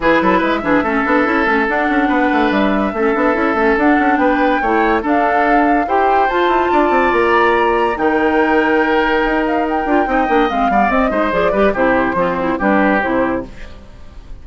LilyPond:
<<
  \new Staff \with { instrumentName = "flute" } { \time 4/4 \tempo 4 = 143 b'4 e''2. | fis''2 e''2~ | e''4 fis''4 g''2 | f''2 g''4 a''4~ |
a''4 ais''2 g''4~ | g''2~ g''8 f''8 g''4~ | g''4 f''4 dis''4 d''4 | c''2 b'4 c''4 | }
  \new Staff \with { instrumentName = "oboe" } { \time 4/4 gis'8 a'8 b'8 gis'8 a'2~ | a'4 b'2 a'4~ | a'2 b'4 cis''4 | a'2 c''2 |
d''2. ais'4~ | ais'1 | dis''4. d''4 c''4 b'8 | g'4 c'4 g'2 | }
  \new Staff \with { instrumentName = "clarinet" } { \time 4/4 e'4. d'8 cis'8 d'8 e'8 cis'8 | d'2. cis'8 d'8 | e'8 cis'8 d'2 e'4 | d'2 g'4 f'4~ |
f'2. dis'4~ | dis'2.~ dis'8 f'8 | dis'8 d'8 c'8 b8 c'8 dis'8 gis'8 g'8 | e'4 f'8 e'8 d'4 e'4 | }
  \new Staff \with { instrumentName = "bassoon" } { \time 4/4 e8 fis8 gis8 e8 a8 b8 cis'8 a8 | d'8 cis'8 b8 a8 g4 a8 b8 | cis'8 a8 d'8 cis'8 b4 a4 | d'2 e'4 f'8 e'8 |
d'8 c'8 ais2 dis4~ | dis2 dis'4. d'8 | c'8 ais8 gis8 g8 c'8 gis8 f8 g8 | c4 f4 g4 c4 | }
>>